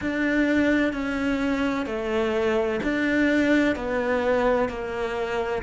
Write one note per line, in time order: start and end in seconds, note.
0.01 0.92 D4
0.92 1.86 C#4
1.86 2.80 A3
2.83 3.75 D4
3.75 4.68 B3
4.68 5.62 A#3